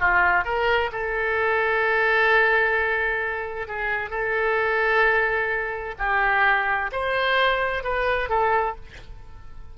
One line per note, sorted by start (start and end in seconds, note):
0.00 0.45 F4
0.45 0.91 A#4
0.93 3.68 A4
3.68 4.10 G#4
4.10 5.95 A4
5.99 6.91 G4
6.92 7.84 C5
7.84 8.30 B4
8.30 8.76 A4